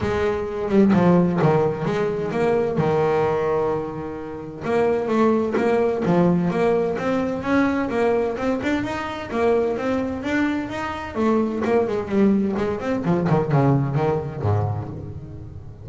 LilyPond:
\new Staff \with { instrumentName = "double bass" } { \time 4/4 \tempo 4 = 129 gis4. g8 f4 dis4 | gis4 ais4 dis2~ | dis2 ais4 a4 | ais4 f4 ais4 c'4 |
cis'4 ais4 c'8 d'8 dis'4 | ais4 c'4 d'4 dis'4 | a4 ais8 gis8 g4 gis8 c'8 | f8 dis8 cis4 dis4 gis,4 | }